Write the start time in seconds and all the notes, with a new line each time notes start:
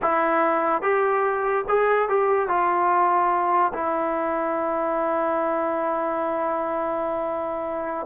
0.02 E4
0.82 G4
1.68 G#4
2.09 G4
2.48 F4
3.73 E4